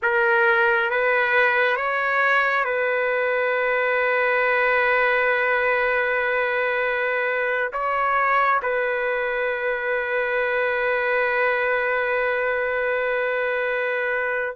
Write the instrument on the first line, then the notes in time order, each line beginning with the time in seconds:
trumpet
0.02 A#4
0.90 B4
1.76 C#5
2.64 B4
7.72 C#5
8.62 B4